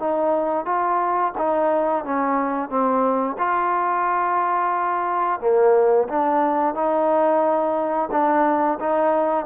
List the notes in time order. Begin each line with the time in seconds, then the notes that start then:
0.00 D#4
0.66 F4
1.39 D#4
2.05 C#4
2.70 C4
3.39 F4
5.41 A#3
6.09 D4
6.75 D#4
8.12 D4
8.80 D#4